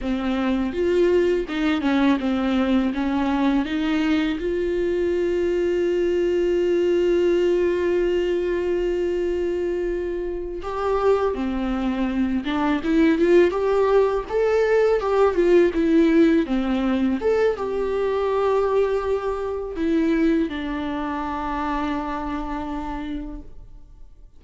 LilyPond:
\new Staff \with { instrumentName = "viola" } { \time 4/4 \tempo 4 = 82 c'4 f'4 dis'8 cis'8 c'4 | cis'4 dis'4 f'2~ | f'1~ | f'2~ f'8 g'4 c'8~ |
c'4 d'8 e'8 f'8 g'4 a'8~ | a'8 g'8 f'8 e'4 c'4 a'8 | g'2. e'4 | d'1 | }